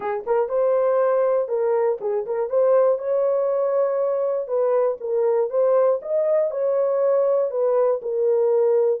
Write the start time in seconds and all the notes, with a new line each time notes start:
0.00 G#4
0.26 A#4
0.48 C5
1.48 A#4
2.00 G#4
2.25 A#4
2.49 C5
2.98 C#5
4.47 B4
5.00 A#4
5.50 C5
6.02 D#5
6.50 C#5
7.50 B4
8.02 A#4